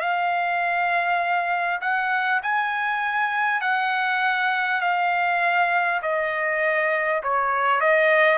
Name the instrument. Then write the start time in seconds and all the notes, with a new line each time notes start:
trumpet
0.00 F5
1.81 F#5
2.42 G#5
3.61 F#5
4.81 F5
6.02 D#5
7.23 C#5
7.80 D#5